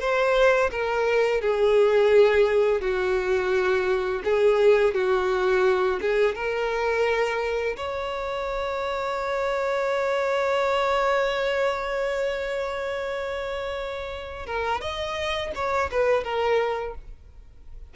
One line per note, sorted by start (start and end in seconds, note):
0.00 0.71 C5
0.71 1.41 A#4
1.41 2.81 G#4
2.81 4.22 F#4
4.24 4.94 G#4
4.94 6.00 F#4
6.01 6.35 G#4
6.35 7.76 A#4
7.77 14.46 C#5
14.46 14.81 A#4
14.81 15.52 D#5
15.55 15.90 C#5
15.91 16.24 B4
16.24 16.95 A#4